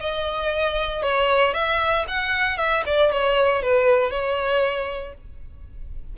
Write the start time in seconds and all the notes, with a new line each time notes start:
0.00 D#5
1.02 C#5
1.54 E5
2.07 F#5
2.57 E5
2.86 D5
3.11 C#5
3.62 B4
4.10 C#5